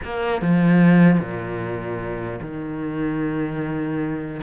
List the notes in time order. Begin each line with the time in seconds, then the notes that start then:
0.04 A#3
0.41 F3
1.19 A#2
2.41 D#3